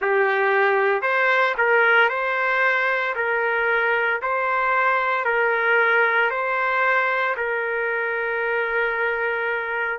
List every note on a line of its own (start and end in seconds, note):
0.01 1.02 G4
1.02 1.55 C5
1.57 2.09 A#4
2.09 3.14 C5
3.15 4.21 A#4
4.22 5.24 C5
5.24 6.30 A#4
6.30 7.35 C5
7.36 9.99 A#4